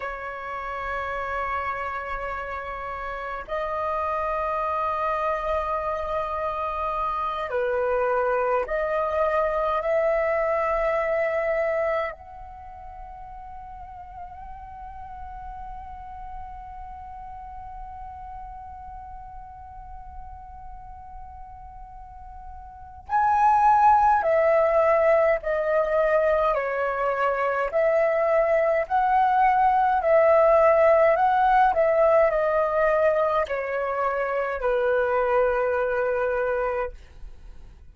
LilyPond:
\new Staff \with { instrumentName = "flute" } { \time 4/4 \tempo 4 = 52 cis''2. dis''4~ | dis''2~ dis''8 b'4 dis''8~ | dis''8 e''2 fis''4.~ | fis''1~ |
fis''1 | gis''4 e''4 dis''4 cis''4 | e''4 fis''4 e''4 fis''8 e''8 | dis''4 cis''4 b'2 | }